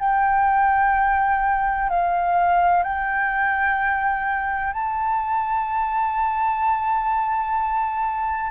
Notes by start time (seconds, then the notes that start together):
0.00 G5
1.90 F5
2.83 G5
4.73 A5